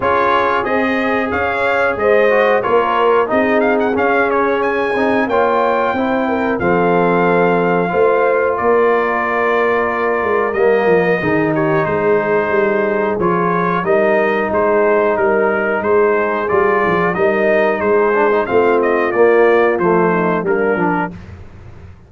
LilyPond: <<
  \new Staff \with { instrumentName = "trumpet" } { \time 4/4 \tempo 4 = 91 cis''4 dis''4 f''4 dis''4 | cis''4 dis''8 f''16 fis''16 f''8 cis''8 gis''4 | g''2 f''2~ | f''4 d''2. |
dis''4. cis''8 c''2 | cis''4 dis''4 c''4 ais'4 | c''4 d''4 dis''4 c''4 | f''8 dis''8 d''4 c''4 ais'4 | }
  \new Staff \with { instrumentName = "horn" } { \time 4/4 gis'2 cis''4 c''4 | ais'4 gis'2. | cis''4 c''8 ais'8 a'2 | c''4 ais'2.~ |
ais'4 gis'8 g'8 gis'2~ | gis'4 ais'4 gis'4 ais'4 | gis'2 ais'4 gis'4 | f'2~ f'8 dis'8 d'4 | }
  \new Staff \with { instrumentName = "trombone" } { \time 4/4 f'4 gis'2~ gis'8 fis'8 | f'4 dis'4 cis'4. dis'8 | f'4 e'4 c'2 | f'1 |
ais4 dis'2. | f'4 dis'2.~ | dis'4 f'4 dis'4. d'16 dis'16 | c'4 ais4 a4 ais8 d'8 | }
  \new Staff \with { instrumentName = "tuba" } { \time 4/4 cis'4 c'4 cis'4 gis4 | ais4 c'4 cis'4. c'8 | ais4 c'4 f2 | a4 ais2~ ais8 gis8 |
g8 f8 dis4 gis4 g4 | f4 g4 gis4 g4 | gis4 g8 f8 g4 gis4 | a4 ais4 f4 g8 f8 | }
>>